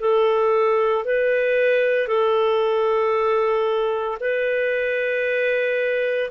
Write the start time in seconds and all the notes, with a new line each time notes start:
0.00 A4
1.04 B4
2.07 A4
4.20 B4